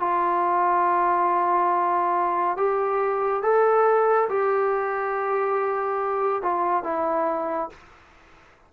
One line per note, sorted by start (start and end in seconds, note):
0.00 2.57 F4
2.57 3.42 G4
3.42 4.28 A4
4.29 6.42 G4
6.42 6.83 F4
6.83 7.69 E4